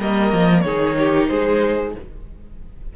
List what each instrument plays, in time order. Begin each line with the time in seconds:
0.00 cello G3, viola A#3, violin A#4 D#5
0.32 cello F3
0.61 cello D#3, viola D#4, violin G#4 C#5
0.99 violin G4
1.28 cello G#3, violin G#4 C5